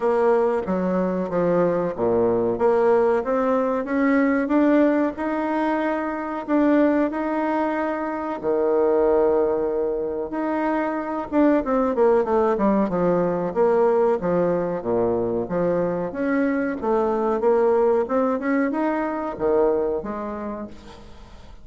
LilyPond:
\new Staff \with { instrumentName = "bassoon" } { \time 4/4 \tempo 4 = 93 ais4 fis4 f4 ais,4 | ais4 c'4 cis'4 d'4 | dis'2 d'4 dis'4~ | dis'4 dis2. |
dis'4. d'8 c'8 ais8 a8 g8 | f4 ais4 f4 ais,4 | f4 cis'4 a4 ais4 | c'8 cis'8 dis'4 dis4 gis4 | }